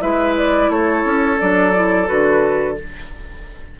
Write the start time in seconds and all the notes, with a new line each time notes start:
0.00 G#3 E4 B4 E5
0.37 D5
0.69 A3 A4 C#5
1.05 C#4
1.39 F#3 D4 D5
1.75 E4
2.06 D3 F#4 B4